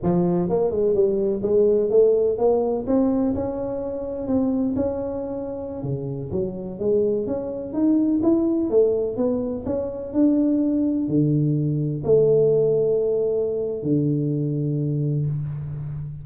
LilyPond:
\new Staff \with { instrumentName = "tuba" } { \time 4/4 \tempo 4 = 126 f4 ais8 gis8 g4 gis4 | a4 ais4 c'4 cis'4~ | cis'4 c'4 cis'2~ | cis'16 cis4 fis4 gis4 cis'8.~ |
cis'16 dis'4 e'4 a4 b8.~ | b16 cis'4 d'2 d8.~ | d4~ d16 a2~ a8.~ | a4 d2. | }